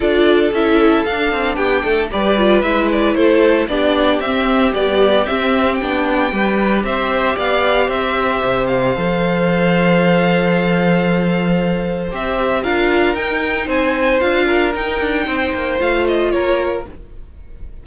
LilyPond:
<<
  \new Staff \with { instrumentName = "violin" } { \time 4/4 \tempo 4 = 114 d''4 e''4 f''4 g''4 | d''4 e''8 d''8 c''4 d''4 | e''4 d''4 e''4 g''4~ | g''4 e''4 f''4 e''4~ |
e''8 f''2.~ f''8~ | f''2. e''4 | f''4 g''4 gis''4 f''4 | g''2 f''8 dis''8 cis''4 | }
  \new Staff \with { instrumentName = "violin" } { \time 4/4 a'2. g'8 a'8 | b'2 a'4 g'4~ | g'1 | b'4 c''4 d''4 c''4~ |
c''1~ | c''1 | ais'2 c''4. ais'8~ | ais'4 c''2 ais'4 | }
  \new Staff \with { instrumentName = "viola" } { \time 4/4 f'4 e'4 d'2 | g'8 f'8 e'2 d'4 | c'4 g4 c'4 d'4 | g'1~ |
g'4 a'2.~ | a'2. g'4 | f'4 dis'2 f'4 | dis'2 f'2 | }
  \new Staff \with { instrumentName = "cello" } { \time 4/4 d'4 cis'4 d'8 c'8 b8 a8 | g4 gis4 a4 b4 | c'4 b4 c'4 b4 | g4 c'4 b4 c'4 |
c4 f2.~ | f2. c'4 | d'4 dis'4 c'4 d'4 | dis'8 d'8 c'8 ais8 a4 ais4 | }
>>